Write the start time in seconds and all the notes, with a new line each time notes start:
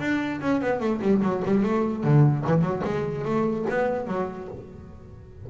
0.00 D4
0.41 C#4
0.61 B3
0.80 A3
1.02 G3
1.23 F#3
1.45 G3
1.63 A3
2.04 D3
2.47 E3
2.62 F#3
2.85 G#3
3.25 A3
3.70 B3
4.08 F#3